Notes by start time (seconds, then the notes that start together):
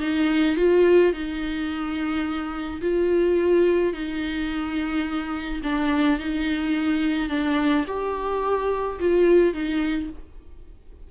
0.00 D#4
0.56 F4
1.12 D#4
2.81 F4
3.93 D#4
5.63 D4
6.19 D#4
7.29 D4
7.87 G4
8.99 F4
9.53 D#4